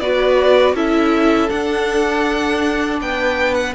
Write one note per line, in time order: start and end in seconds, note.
0.00 0.74 B3
0.00 0.76 F#4
0.00 0.75 B4
0.00 0.75 D5
0.74 1.49 C#4
0.74 1.49 E4
0.74 3.00 A4
0.74 1.50 E5
1.49 3.74 D4
1.49 3.00 D4
1.49 3.00 F#5
3.00 3.75 B3
3.00 3.75 B4
3.00 3.55 G5
3.55 3.73 F#5